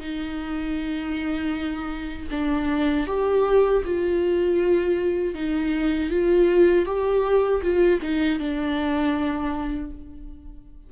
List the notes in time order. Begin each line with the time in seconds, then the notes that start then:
0.00 D#4
2.31 D4
3.07 G4
3.85 F4
5.34 D#4
6.10 F4
6.86 G4
7.62 F4
8.02 D#4
8.39 D4